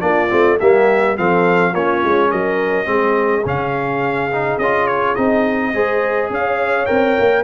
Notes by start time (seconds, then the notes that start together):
0.00 A#3 D4 F4 D5
0.29 A3 C4
0.59 G3 A#3 G4 E5
1.17 F3 C4 A4 F5
1.72 A#3 C#4 F4 C#5
2.03 G#3
2.30 F#3 A#4 D#5
2.85 G#3 C4 G#4
3.45 C#3 C#4 F5
4.32 D#4
4.58 C#4 F4 D#5
4.87 C#5
5.15 C4 D#4 D#5
5.73 G#3 G#4 C5
6.30 C#4 C#5 F5
6.86 C4 A#4 G5
7.19 A#3